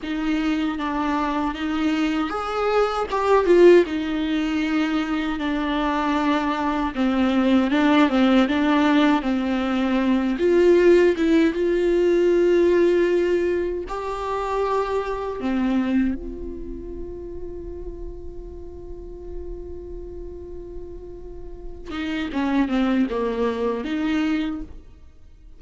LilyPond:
\new Staff \with { instrumentName = "viola" } { \time 4/4 \tempo 4 = 78 dis'4 d'4 dis'4 gis'4 | g'8 f'8 dis'2 d'4~ | d'4 c'4 d'8 c'8 d'4 | c'4. f'4 e'8 f'4~ |
f'2 g'2 | c'4 f'2.~ | f'1~ | f'8 dis'8 cis'8 c'8 ais4 dis'4 | }